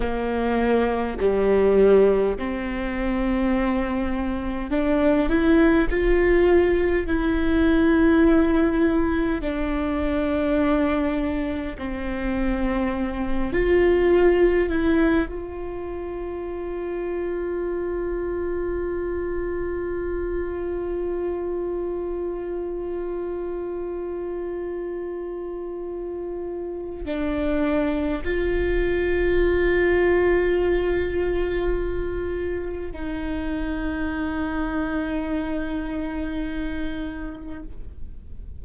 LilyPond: \new Staff \with { instrumentName = "viola" } { \time 4/4 \tempo 4 = 51 ais4 g4 c'2 | d'8 e'8 f'4 e'2 | d'2 c'4. f'8~ | f'8 e'8 f'2.~ |
f'1~ | f'2. d'4 | f'1 | dis'1 | }